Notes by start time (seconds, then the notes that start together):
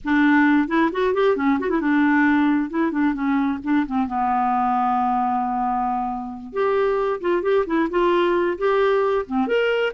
0.04 D4
0.68 E4
0.92 F#4
1.14 G4
1.36 C#4
1.59 F#4
1.69 E4
1.80 D4
2.70 E4
2.91 D4
3.14 C#4
3.63 D4
3.86 C4
4.07 B3
6.52 G4
7.21 F4
7.42 G4
7.66 E4
7.90 F4
8.58 G4
9.26 C4
9.47 A#4